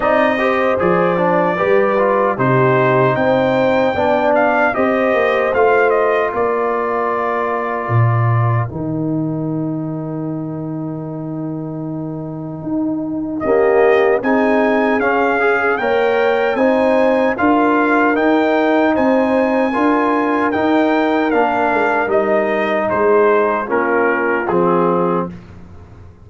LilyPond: <<
  \new Staff \with { instrumentName = "trumpet" } { \time 4/4 \tempo 4 = 76 dis''4 d''2 c''4 | g''4. f''8 dis''4 f''8 dis''8 | d''2. g''4~ | g''1~ |
g''4 dis''4 gis''4 f''4 | g''4 gis''4 f''4 g''4 | gis''2 g''4 f''4 | dis''4 c''4 ais'4 gis'4 | }
  \new Staff \with { instrumentName = "horn" } { \time 4/4 d''8 c''4. b'4 g'4 | c''4 d''4 c''2 | ais'1~ | ais'1~ |
ais'4 g'4 gis'2 | cis''4 c''4 ais'2 | c''4 ais'2.~ | ais'4 gis'4 f'2 | }
  \new Staff \with { instrumentName = "trombone" } { \time 4/4 dis'8 g'8 gis'8 d'8 g'8 f'8 dis'4~ | dis'4 d'4 g'4 f'4~ | f'2. dis'4~ | dis'1~ |
dis'4 ais4 dis'4 cis'8 gis'8 | ais'4 dis'4 f'4 dis'4~ | dis'4 f'4 dis'4 d'4 | dis'2 cis'4 c'4 | }
  \new Staff \with { instrumentName = "tuba" } { \time 4/4 c'4 f4 g4 c4 | c'4 b4 c'8 ais8 a4 | ais2 ais,4 dis4~ | dis1 |
dis'4 cis'4 c'4 cis'4 | ais4 c'4 d'4 dis'4 | c'4 d'4 dis'4 ais8 gis8 | g4 gis4 ais4 f4 | }
>>